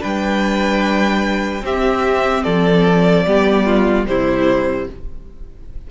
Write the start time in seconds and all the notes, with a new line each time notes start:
0.00 G3 D4 B4 G5
1.62 C4 G4 E5
2.44 F3 A4 D5
3.26 G3 B3 G4
3.66 F4
4.06 C3 G3 E4 C5